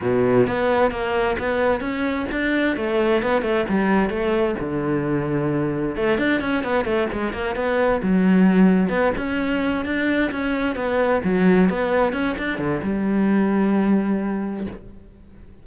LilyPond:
\new Staff \with { instrumentName = "cello" } { \time 4/4 \tempo 4 = 131 b,4 b4 ais4 b4 | cis'4 d'4 a4 b8 a8 | g4 a4 d2~ | d4 a8 d'8 cis'8 b8 a8 gis8 |
ais8 b4 fis2 b8 | cis'4. d'4 cis'4 b8~ | b8 fis4 b4 cis'8 d'8 d8 | g1 | }